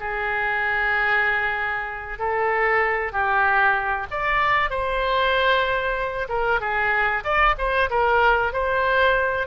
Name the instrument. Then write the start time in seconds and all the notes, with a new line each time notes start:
oboe
0.00 G#4
2.19 A4
3.12 G4
4.11 D5
4.70 C5
6.29 A#4
6.60 G#4
7.23 D5
7.58 C5
7.90 A#4
8.52 C5